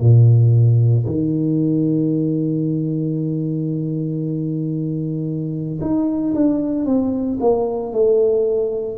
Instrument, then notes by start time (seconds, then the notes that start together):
tuba
0.00 A#2
1.06 D#3
5.81 D#4
6.34 D4
6.86 C4
7.40 A#3
7.93 A3